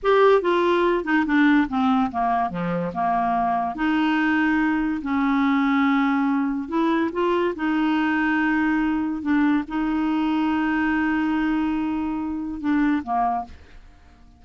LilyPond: \new Staff \with { instrumentName = "clarinet" } { \time 4/4 \tempo 4 = 143 g'4 f'4. dis'8 d'4 | c'4 ais4 f4 ais4~ | ais4 dis'2. | cis'1 |
e'4 f'4 dis'2~ | dis'2 d'4 dis'4~ | dis'1~ | dis'2 d'4 ais4 | }